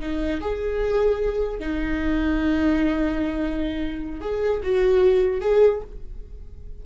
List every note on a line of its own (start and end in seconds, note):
0.00 0.40 D#4
0.41 1.59 G#4
1.59 4.21 D#4
4.21 4.61 G#4
4.63 5.41 F#4
5.41 5.81 G#4